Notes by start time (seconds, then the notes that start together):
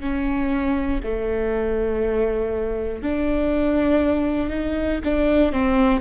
0.00 C#4
1.04 A3
3.03 D4
4.50 D#4
5.04 D4
5.52 C4